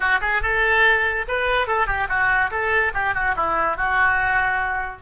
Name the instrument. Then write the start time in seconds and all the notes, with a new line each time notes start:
oboe
0.00 F#4
0.21 G#4
0.42 A4
1.28 B4
1.67 A4
1.87 G4
2.08 F#4
2.50 A4
2.94 G4
3.14 F#4
3.36 E4
3.76 F#4